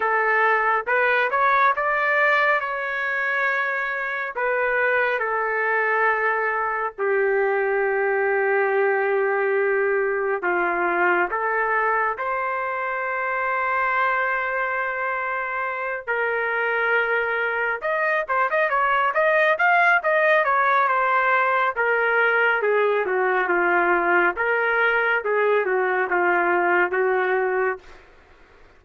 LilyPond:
\new Staff \with { instrumentName = "trumpet" } { \time 4/4 \tempo 4 = 69 a'4 b'8 cis''8 d''4 cis''4~ | cis''4 b'4 a'2 | g'1 | f'4 a'4 c''2~ |
c''2~ c''8 ais'4.~ | ais'8 dis''8 c''16 dis''16 cis''8 dis''8 f''8 dis''8 cis''8 | c''4 ais'4 gis'8 fis'8 f'4 | ais'4 gis'8 fis'8 f'4 fis'4 | }